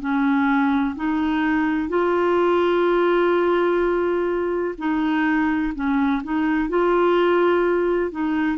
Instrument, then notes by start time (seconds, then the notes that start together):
clarinet
0.00 C#4
0.96 D#4
1.89 F4
4.78 D#4
5.74 C#4
6.24 D#4
6.69 F4
8.11 D#4